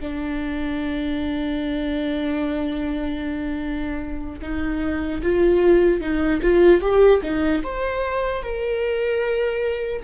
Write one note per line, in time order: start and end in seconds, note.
0.00 4.40 D4
4.41 5.21 D#4
5.22 6.01 F4
6.01 6.41 D#4
6.42 6.81 F4
6.81 7.21 G4
7.22 7.62 D#4
7.63 8.42 C5
8.42 10.02 A#4